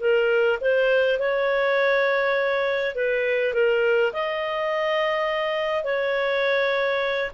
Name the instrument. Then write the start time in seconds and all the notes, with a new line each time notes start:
clarinet
0.00 A#4
0.61 C5
1.19 C#5
2.95 B4
3.54 A#4
4.13 D#5
5.84 C#5